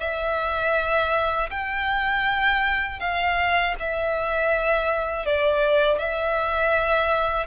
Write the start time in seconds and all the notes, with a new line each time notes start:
0.00 E5
1.51 G5
3.00 F5
3.79 E5
5.26 D5
5.99 E5